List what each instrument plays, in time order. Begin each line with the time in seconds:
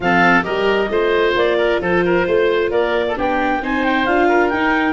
0.00 tuba F3, viola C4, oboe A4, clarinet F5
0.42 tuba G3, viola G4, oboe A#4, clarinet D#5
0.89 tuba A3, viola F4, oboe C5
1.35 tuba A#3, clarinet D5
1.57 oboe A#4
1.80 tuba F3, oboe A4, clarinet C5
2.04 oboe A#4
2.27 tuba A3, oboe C5
2.70 tuba A#3, oboe A#4, clarinet D5
3.07 oboe A4
3.15 tuba B3, viola D4, oboe G4, clarinet G5
3.61 tuba C4, viola D#4, oboe C5, clarinet G#5
3.84 clarinet G5
4.05 tuba D4, viola F4, clarinet F5
4.28 oboe A#4
4.49 tuba D#4, viola D#4, clarinet G5